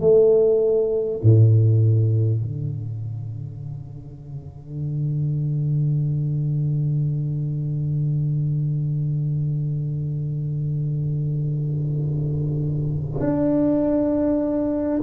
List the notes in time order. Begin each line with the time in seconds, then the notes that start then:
0.00 A3
1.22 A2
2.42 D3
13.20 D4